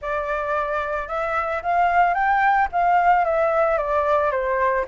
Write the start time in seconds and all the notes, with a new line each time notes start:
0.01 D5
1.07 E5
1.62 F5
2.14 G5
2.71 F5
3.24 E5
3.77 D5
4.31 C5